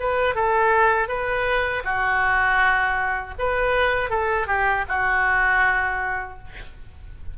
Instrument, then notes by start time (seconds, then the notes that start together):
oboe
0.00 B4
0.35 A4
1.08 B4
1.84 F#4
3.39 B4
4.10 A4
4.47 G4
4.89 F#4